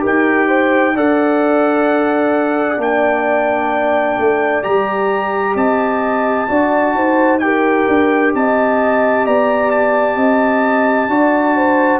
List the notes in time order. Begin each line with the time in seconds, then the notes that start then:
0.00 D#4 G4 A#4
0.06 G5
0.48 C5
0.95 D4 A4 D5 F#5
2.78 A#3 D4 G5
4.18 A3
4.63 G3 G4 A#5
5.56 C4 D#5 A5
6.48 D4 F#4 D5
6.94 D#4 C5
7.40 G4 A#4 G5
7.88 D4
8.34 C4 D#5 A5
9.25 B3 D5 A#5
9.71 A5
10.16 C4 D#5
11.08 D4 F#4 D5
11.56 C5